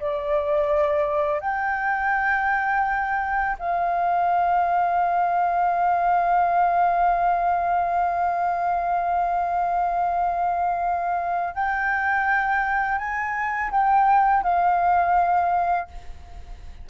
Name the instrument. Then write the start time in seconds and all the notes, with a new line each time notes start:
flute
0.00 D5
1.40 G5
3.59 F5
11.54 G5
12.98 G#5
13.71 G5
14.43 F5